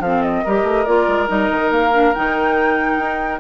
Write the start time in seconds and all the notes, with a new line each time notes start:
0.00 F3 C4 A4 F5
0.22 D#5
0.44 G3 G4 A#4
0.64 A3
0.85 A#3 F4 D5
1.07 G#3
1.27 G3 D#4 D#5
1.50 D#3
1.70 A#3 F5
1.93 D4
2.14 D#3 D#4 G5
2.99 D#4